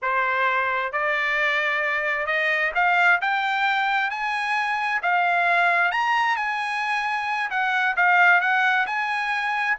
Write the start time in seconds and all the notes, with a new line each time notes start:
0.01 C5
0.92 D5
2.26 D#5
2.74 F5
3.21 G5
4.10 G#5
5.02 F5
5.91 A#5
6.36 G#5
7.50 F#5
7.96 F5
8.40 F#5
8.86 G#5